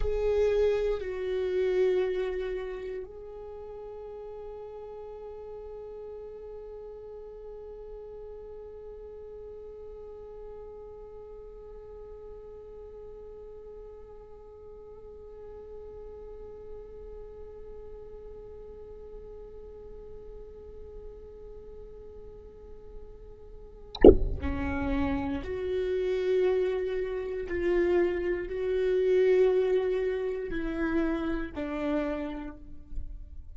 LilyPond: \new Staff \with { instrumentName = "viola" } { \time 4/4 \tempo 4 = 59 gis'4 fis'2 gis'4~ | gis'1~ | gis'1~ | gis'1~ |
gis'1~ | gis'1 | cis'4 fis'2 f'4 | fis'2 e'4 d'4 | }